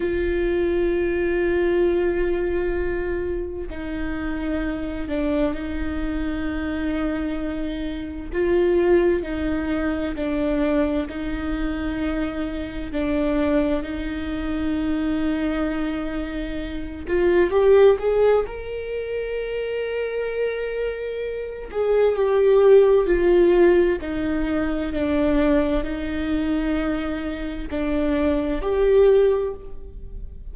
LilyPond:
\new Staff \with { instrumentName = "viola" } { \time 4/4 \tempo 4 = 65 f'1 | dis'4. d'8 dis'2~ | dis'4 f'4 dis'4 d'4 | dis'2 d'4 dis'4~ |
dis'2~ dis'8 f'8 g'8 gis'8 | ais'2.~ ais'8 gis'8 | g'4 f'4 dis'4 d'4 | dis'2 d'4 g'4 | }